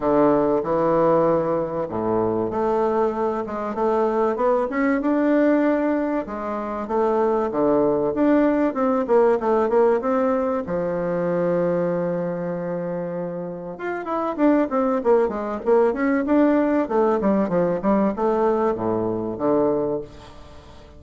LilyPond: \new Staff \with { instrumentName = "bassoon" } { \time 4/4 \tempo 4 = 96 d4 e2 a,4 | a4. gis8 a4 b8 cis'8 | d'2 gis4 a4 | d4 d'4 c'8 ais8 a8 ais8 |
c'4 f2.~ | f2 f'8 e'8 d'8 c'8 | ais8 gis8 ais8 cis'8 d'4 a8 g8 | f8 g8 a4 a,4 d4 | }